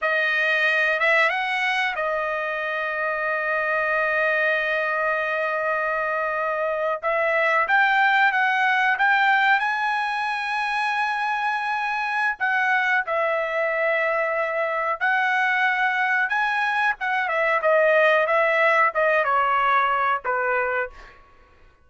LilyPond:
\new Staff \with { instrumentName = "trumpet" } { \time 4/4 \tempo 4 = 92 dis''4. e''8 fis''4 dis''4~ | dis''1~ | dis''2~ dis''8. e''4 g''16~ | g''8. fis''4 g''4 gis''4~ gis''16~ |
gis''2. fis''4 | e''2. fis''4~ | fis''4 gis''4 fis''8 e''8 dis''4 | e''4 dis''8 cis''4. b'4 | }